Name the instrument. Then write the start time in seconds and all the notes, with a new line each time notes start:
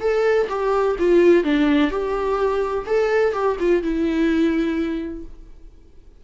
viola
0.00 A4
0.49 G4
0.99 F4
1.44 D4
1.90 G4
2.86 A4
3.33 G4
3.59 F4
3.82 E4